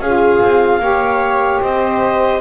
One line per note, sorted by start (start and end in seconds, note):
0.00 0.40 C#4
0.00 0.81 F4
0.00 0.82 G#4
0.00 1.61 F5
0.43 0.80 C4
0.80 1.60 A#3
0.80 2.41 G4
0.80 1.63 C#5
1.62 2.41 C4
1.62 2.41 C5
1.62 2.41 D#5